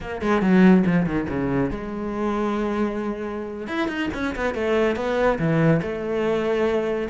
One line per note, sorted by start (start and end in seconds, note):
0.00 0.21 A#3
0.21 0.41 G#3
0.41 0.83 F#3
0.86 1.06 F3
1.06 1.27 D#3
1.29 1.70 C#3
1.70 3.67 G#3
3.67 3.88 E4
3.88 4.09 D#4
4.14 4.35 C#4
4.35 4.54 B3
4.54 4.96 A3
4.96 5.38 B3
5.38 5.81 E3
5.82 7.09 A3